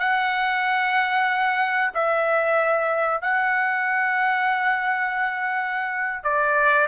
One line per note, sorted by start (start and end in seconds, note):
0.00 1.91 F#5
1.95 3.22 E5
3.22 6.24 F#5
6.24 6.88 D5